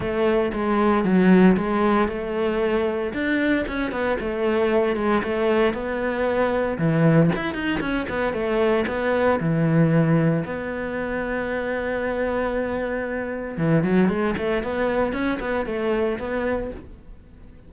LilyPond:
\new Staff \with { instrumentName = "cello" } { \time 4/4 \tempo 4 = 115 a4 gis4 fis4 gis4 | a2 d'4 cis'8 b8 | a4. gis8 a4 b4~ | b4 e4 e'8 dis'8 cis'8 b8 |
a4 b4 e2 | b1~ | b2 e8 fis8 gis8 a8 | b4 cis'8 b8 a4 b4 | }